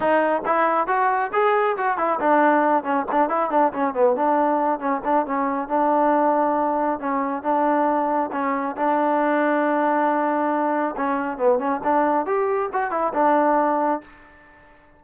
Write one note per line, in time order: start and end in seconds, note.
0.00 0.42 D#4
0.45 0.87 E4
0.87 1.31 F#4
1.32 1.76 G#4
1.77 1.97 F#4
1.97 2.19 E4
2.20 2.83 D4
2.83 3.05 C#4
3.11 3.29 D4
3.29 3.50 E4
3.50 3.72 D4
3.72 3.94 C#4
3.94 4.16 B3
4.16 4.79 D4
4.79 5.01 C#4
5.04 5.26 D4
5.26 5.68 C#4
5.68 6.99 D4
6.99 7.43 C#4
7.43 8.30 D4
8.32 8.76 C#4
8.76 10.95 D4
10.96 11.37 C#4
11.37 11.58 B3
11.58 11.80 C#4
11.83 12.25 D4
12.25 12.69 G4
12.72 12.91 F#4
12.91 13.12 E4
13.13 14.01 D4